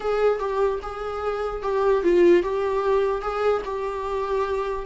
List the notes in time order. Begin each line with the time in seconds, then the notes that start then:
0.00 G#4
0.39 G4
0.82 G#4
1.62 G4
2.03 F4
2.42 G4
3.21 G#4
3.64 G4